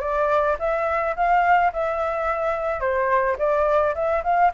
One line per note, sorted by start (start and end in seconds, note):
0.00 0.56 D5
0.59 1.15 E5
1.15 1.72 F5
1.73 2.80 E5
2.80 3.36 C5
3.38 3.94 D5
3.95 4.23 E5
4.23 4.51 F5